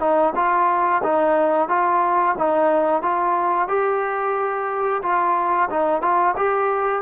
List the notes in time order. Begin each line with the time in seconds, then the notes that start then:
0.00 D#4
0.35 F4
1.04 D#4
1.69 F4
2.38 D#4
3.02 F4
3.68 G4
5.02 F4
5.70 D#4
6.02 F4
6.37 G4